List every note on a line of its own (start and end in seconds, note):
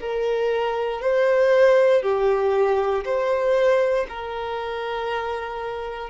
0.00 1.01 A#4
1.01 2.02 C5
2.02 3.04 G4
3.04 4.06 C5
4.08 6.10 A#4